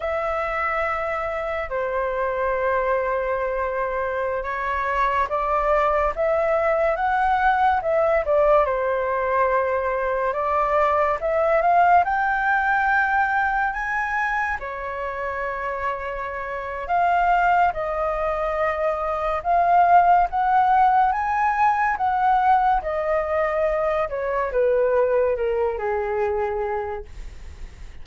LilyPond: \new Staff \with { instrumentName = "flute" } { \time 4/4 \tempo 4 = 71 e''2 c''2~ | c''4~ c''16 cis''4 d''4 e''8.~ | e''16 fis''4 e''8 d''8 c''4.~ c''16~ | c''16 d''4 e''8 f''8 g''4.~ g''16~ |
g''16 gis''4 cis''2~ cis''8. | f''4 dis''2 f''4 | fis''4 gis''4 fis''4 dis''4~ | dis''8 cis''8 b'4 ais'8 gis'4. | }